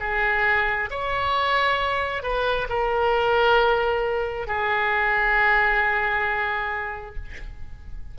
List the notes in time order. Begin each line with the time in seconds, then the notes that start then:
0.00 G#4
0.90 C#5
2.23 B4
2.69 A#4
4.47 G#4